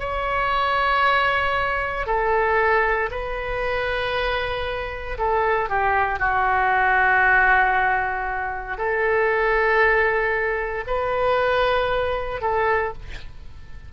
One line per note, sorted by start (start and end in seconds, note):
0.00 2.07 C#5
2.07 3.10 A4
3.11 5.18 B4
5.18 5.69 A4
5.69 6.19 G4
6.19 8.78 F#4
8.78 10.85 A4
10.87 12.41 B4
12.41 12.93 A4